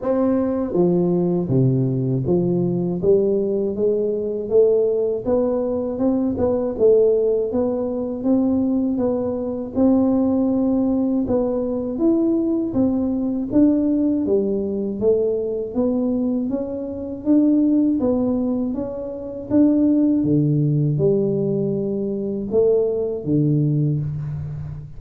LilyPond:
\new Staff \with { instrumentName = "tuba" } { \time 4/4 \tempo 4 = 80 c'4 f4 c4 f4 | g4 gis4 a4 b4 | c'8 b8 a4 b4 c'4 | b4 c'2 b4 |
e'4 c'4 d'4 g4 | a4 b4 cis'4 d'4 | b4 cis'4 d'4 d4 | g2 a4 d4 | }